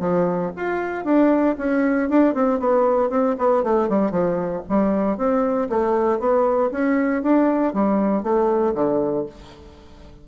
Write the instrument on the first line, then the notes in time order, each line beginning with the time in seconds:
bassoon
0.00 F3
0.56 F4
1.05 D4
1.58 C#4
2.10 D4
2.34 C4
2.60 B3
3.10 C4
3.39 B3
3.64 A3
3.90 G3
4.11 F3
4.69 G3
5.18 C4
5.70 A3
6.20 B3
6.72 C#4
7.23 D4
7.74 G3
8.23 A3
8.75 D3